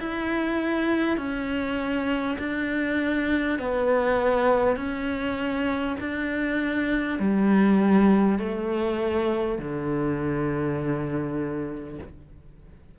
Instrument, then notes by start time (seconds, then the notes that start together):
cello
0.00 E4
1.18 C#4
2.39 D4
3.59 B3
4.77 C#4
6.01 D4
7.20 G3
8.39 A3
9.59 D3